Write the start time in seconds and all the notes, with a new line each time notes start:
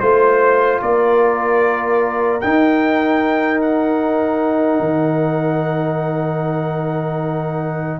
0.00 A3 F4 C5
0.82 A#3 A#4 D5
2.41 D#4 G5
3.61 F#5
4.80 D#3